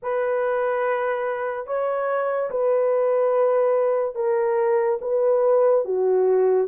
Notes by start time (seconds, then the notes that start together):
0.02 B4
1.66 C#5
2.50 B4
4.15 A#4
5.01 B4
5.84 F#4